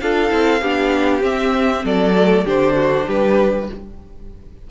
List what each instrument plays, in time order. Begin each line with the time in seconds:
0.00 cello D4, viola F4, violin A4 F5
0.28 cello C4, viola E4
0.61 cello B3, viola D4, violin G4
1.20 viola C4, cello C4, violin E5
1.84 cello F#3, violin A4 D5
2.15 viola A3
2.45 cello D3, viola D4, violin G4 C5
2.75 violin F#4
3.07 cello G3, violin G4 B4